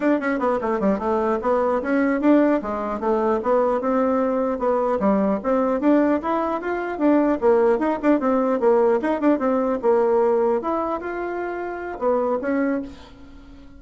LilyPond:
\new Staff \with { instrumentName = "bassoon" } { \time 4/4 \tempo 4 = 150 d'8 cis'8 b8 a8 g8 a4 b8~ | b8 cis'4 d'4 gis4 a8~ | a8 b4 c'2 b8~ | b8 g4 c'4 d'4 e'8~ |
e'8 f'4 d'4 ais4 dis'8 | d'8 c'4 ais4 dis'8 d'8 c'8~ | c'8 ais2 e'4 f'8~ | f'2 b4 cis'4 | }